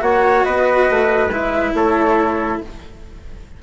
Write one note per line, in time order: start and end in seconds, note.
0.00 0.44 A#3
0.00 1.29 F#4
0.00 0.46 C#5
0.00 0.44 F#5
0.44 0.90 B3
0.44 1.75 B4
0.44 1.30 D#5
0.90 1.30 A3
1.30 1.73 G#3
1.30 2.62 E4
1.30 1.75 E5
1.74 2.61 A3
1.74 2.63 A4
1.74 2.62 C#5